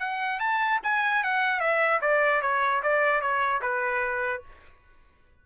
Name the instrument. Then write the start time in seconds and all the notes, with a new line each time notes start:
trumpet
0.00 F#5
0.40 A5
0.84 G#5
1.24 F#5
1.60 E5
2.02 D5
2.42 C#5
2.83 D5
3.21 C#5
3.62 B4